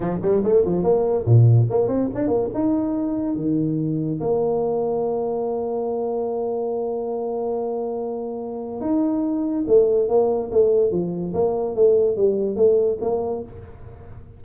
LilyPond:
\new Staff \with { instrumentName = "tuba" } { \time 4/4 \tempo 4 = 143 f8 g8 a8 f8 ais4 ais,4 | ais8 c'8 d'8 ais8 dis'2 | dis2 ais2~ | ais1~ |
ais1~ | ais4 dis'2 a4 | ais4 a4 f4 ais4 | a4 g4 a4 ais4 | }